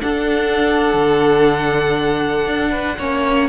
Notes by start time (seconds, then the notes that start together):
0.00 D4 A4 F#5
0.93 D3
2.45 D4
2.70 B4
2.98 A#3 C#4 C#5